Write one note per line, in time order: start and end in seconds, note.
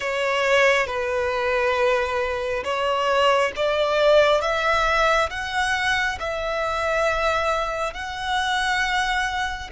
0.00 0.87 C#5
0.87 2.63 B4
2.64 3.52 C#5
3.55 4.41 D5
4.41 5.29 E5
5.29 6.18 F#5
6.19 7.93 E5
7.93 9.70 F#5